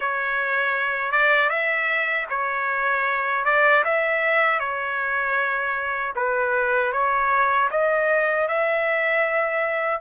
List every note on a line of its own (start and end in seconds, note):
0.00 1.12 C#5
1.12 1.49 D5
1.49 2.26 E5
2.29 3.44 C#5
3.44 3.83 D5
3.84 4.59 E5
4.59 6.13 C#5
6.15 6.92 B4
6.92 7.69 C#5
7.71 8.48 D#5
8.48 10.01 E5